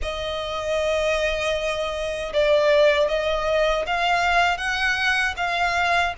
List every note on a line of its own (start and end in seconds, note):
0.01 2.32 D#5
2.33 3.08 D5
3.08 3.85 D#5
3.86 4.57 F5
4.57 5.34 F#5
5.37 6.14 F5